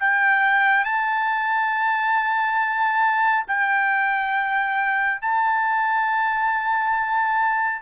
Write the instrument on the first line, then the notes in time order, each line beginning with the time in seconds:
trumpet
0.00 G5
0.85 A5
3.48 G5
5.22 A5